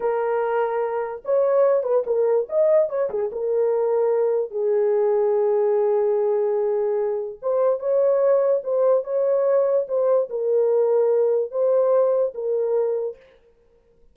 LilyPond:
\new Staff \with { instrumentName = "horn" } { \time 4/4 \tempo 4 = 146 ais'2. cis''4~ | cis''8 b'8 ais'4 dis''4 cis''8 gis'8 | ais'2. gis'4~ | gis'1~ |
gis'2 c''4 cis''4~ | cis''4 c''4 cis''2 | c''4 ais'2. | c''2 ais'2 | }